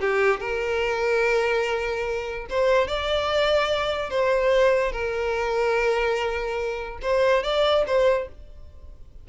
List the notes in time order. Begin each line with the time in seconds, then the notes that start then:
0.00 G4
0.40 A#4
2.49 C5
2.87 D5
4.10 C5
4.92 A#4
7.02 C5
7.43 D5
7.86 C5